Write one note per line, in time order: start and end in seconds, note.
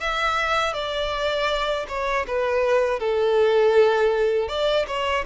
0.00 0.74 E5
0.74 1.86 D5
1.88 2.26 C#5
2.27 2.99 B4
2.99 4.48 A4
4.48 4.86 D5
4.87 5.25 C#5